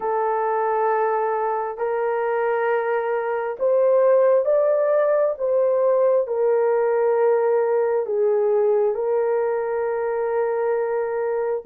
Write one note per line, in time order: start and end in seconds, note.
0.00 1.77 A4
1.77 3.56 A#4
3.59 4.45 C5
4.45 5.34 D5
5.38 6.27 C5
6.27 8.06 A#4
8.06 8.94 G#4
8.94 11.63 A#4